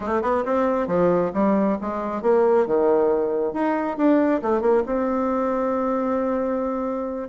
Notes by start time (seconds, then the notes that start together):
0.00 A3
0.22 B3
0.45 C4
0.87 F3
1.33 G3
1.81 G#3
2.22 A#3
2.66 D#3
3.53 D#4
3.97 D4
4.41 A3
4.61 A#3
4.85 C4